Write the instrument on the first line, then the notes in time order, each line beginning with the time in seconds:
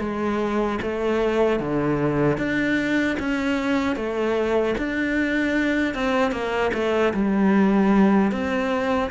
cello
0.00 G#3
0.82 A3
1.60 D3
2.38 D4
3.20 C#4
3.96 A3
4.78 D4
5.95 C4
6.32 A#3
6.74 A3
7.14 G3
8.32 C4